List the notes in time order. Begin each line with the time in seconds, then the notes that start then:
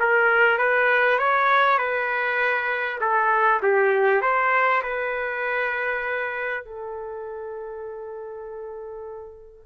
0.00 A#4
0.58 B4
1.19 C#5
1.78 B4
3.01 A4
3.63 G4
4.22 C5
4.83 B4
6.65 A4